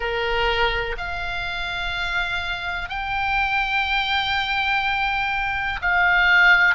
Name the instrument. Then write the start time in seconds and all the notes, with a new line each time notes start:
oboe
0.00 A#4
0.97 F5
2.89 G5
5.81 F5